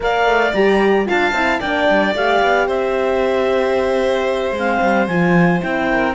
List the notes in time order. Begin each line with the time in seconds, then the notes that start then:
0.00 A#3 A#4 D5 F5
0.25 A3
0.53 G3 G4 A#5
1.05 D4 F4 F5 A5
1.32 C4 E4
1.60 A#3 D4 D5 G5
1.89 G3
2.14 A3 G4 F5
2.42 B3
2.67 C4 C5 E5
4.51 G#3
4.57 C4 F5
4.82 G3
5.07 F3 F4 G#5
5.60 C4 E4 G5
5.90 A#4